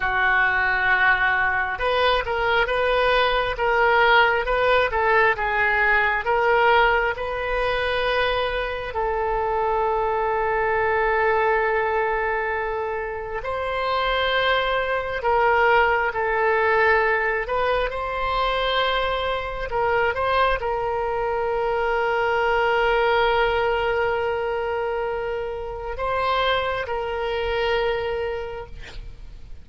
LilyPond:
\new Staff \with { instrumentName = "oboe" } { \time 4/4 \tempo 4 = 67 fis'2 b'8 ais'8 b'4 | ais'4 b'8 a'8 gis'4 ais'4 | b'2 a'2~ | a'2. c''4~ |
c''4 ais'4 a'4. b'8 | c''2 ais'8 c''8 ais'4~ | ais'1~ | ais'4 c''4 ais'2 | }